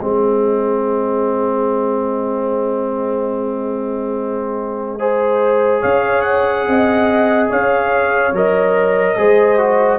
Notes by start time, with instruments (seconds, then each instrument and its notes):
0.00 tuba G#3, trombone C4, horn G#4, trumpet D#5
4.99 trombone G#4, horn C5
5.81 tuba C#4, horn C#5, trumpet F5
6.22 trumpet F#5
6.67 tuba C4, horn D#5
7.50 tuba C#4, horn C#5, trumpet F5
8.32 tuba F#3, trombone A#4, trumpet D#5
9.17 tuba G#3, trombone G#4, horn C5
9.58 trombone F#4